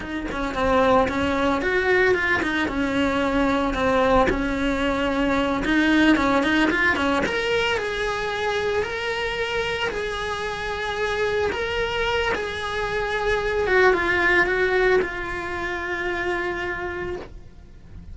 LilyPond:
\new Staff \with { instrumentName = "cello" } { \time 4/4 \tempo 4 = 112 dis'8 cis'8 c'4 cis'4 fis'4 | f'8 dis'8 cis'2 c'4 | cis'2~ cis'8 dis'4 cis'8 | dis'8 f'8 cis'8 ais'4 gis'4.~ |
gis'8 ais'2 gis'4.~ | gis'4. ais'4. gis'4~ | gis'4. fis'8 f'4 fis'4 | f'1 | }